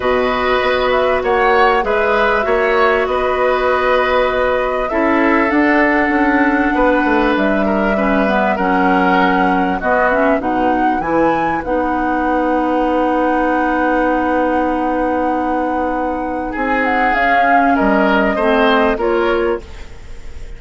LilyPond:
<<
  \new Staff \with { instrumentName = "flute" } { \time 4/4 \tempo 4 = 98 dis''4. e''8 fis''4 e''4~ | e''4 dis''2. | e''4 fis''2. | e''2 fis''2 |
dis''8 e''8 fis''4 gis''4 fis''4~ | fis''1~ | fis''2. gis''8 fis''8 | f''4 dis''2 cis''4 | }
  \new Staff \with { instrumentName = "oboe" } { \time 4/4 b'2 cis''4 b'4 | cis''4 b'2. | a'2. b'4~ | b'8 ais'8 b'4 ais'2 |
fis'4 b'2.~ | b'1~ | b'2. gis'4~ | gis'4 ais'4 c''4 ais'4 | }
  \new Staff \with { instrumentName = "clarinet" } { \time 4/4 fis'2. gis'4 | fis'1 | e'4 d'2.~ | d'4 cis'8 b8 cis'2 |
b8 cis'8 dis'4 e'4 dis'4~ | dis'1~ | dis'1 | cis'2 c'4 f'4 | }
  \new Staff \with { instrumentName = "bassoon" } { \time 4/4 b,4 b4 ais4 gis4 | ais4 b2. | cis'4 d'4 cis'4 b8 a8 | g2 fis2 |
b4 b,4 e4 b4~ | b1~ | b2. c'4 | cis'4 g4 a4 ais4 | }
>>